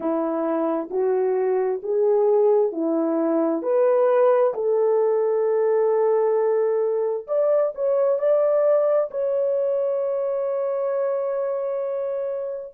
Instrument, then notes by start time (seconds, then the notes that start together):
horn
0.00 E4
0.90 F#4
1.82 G#4
2.71 E4
3.62 B4
4.54 A4
7.27 D5
7.74 C#5
8.18 D5
9.10 C#5